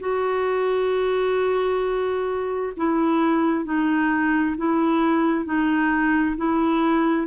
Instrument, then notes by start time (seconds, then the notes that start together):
clarinet
0.00 F#4
2.77 E4
3.65 D#4
4.57 E4
5.45 D#4
6.37 E4